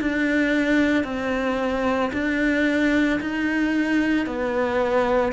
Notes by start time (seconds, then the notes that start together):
0.00 D4
1.04 C4
2.13 D4
3.20 D#4
4.27 B3